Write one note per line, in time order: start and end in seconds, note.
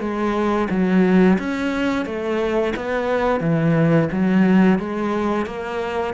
0.00 0.68 G#3
0.70 1.38 F#3
1.39 2.06 C#4
2.06 2.74 A3
2.76 3.41 B3
3.41 4.09 E3
4.12 4.79 F#3
4.79 5.46 G#3
5.46 6.14 A#3